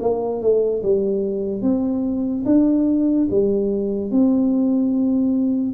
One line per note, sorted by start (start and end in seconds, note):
0.00 0.41 A#3
0.41 0.82 A3
0.82 1.61 G3
1.61 2.44 C4
2.45 3.27 D4
3.30 4.11 G3
4.11 5.73 C4